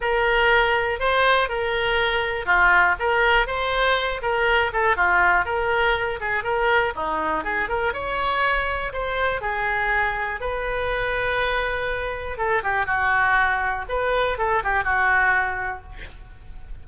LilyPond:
\new Staff \with { instrumentName = "oboe" } { \time 4/4 \tempo 4 = 121 ais'2 c''4 ais'4~ | ais'4 f'4 ais'4 c''4~ | c''8 ais'4 a'8 f'4 ais'4~ | ais'8 gis'8 ais'4 dis'4 gis'8 ais'8 |
cis''2 c''4 gis'4~ | gis'4 b'2.~ | b'4 a'8 g'8 fis'2 | b'4 a'8 g'8 fis'2 | }